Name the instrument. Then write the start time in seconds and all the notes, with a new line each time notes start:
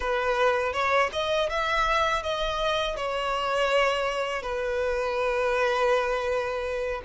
violin
0.00 B4
0.72 C#5
1.12 D#5
1.49 E5
2.22 D#5
2.96 C#5
4.42 B4